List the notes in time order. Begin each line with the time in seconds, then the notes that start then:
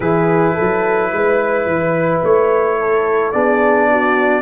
0.00 E3 E4 G#4 B4
0.54 F#3 A4
1.12 G#3 B4
1.66 E3
2.23 A3 C#5
2.79 A4
3.32 B3 D4 G#4 D5
3.90 F#4